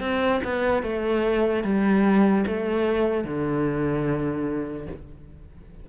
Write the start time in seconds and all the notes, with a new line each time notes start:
0.00 C4
0.43 B3
0.83 A3
1.63 G3
2.47 A3
3.24 D3